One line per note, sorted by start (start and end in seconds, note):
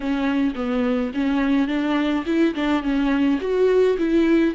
0.00 0.54 C#4
0.55 1.11 B3
1.13 1.67 C#4
1.67 2.24 D4
2.26 2.54 E4
2.54 2.82 D4
2.82 3.39 C#4
3.40 3.97 F#4
3.98 4.54 E4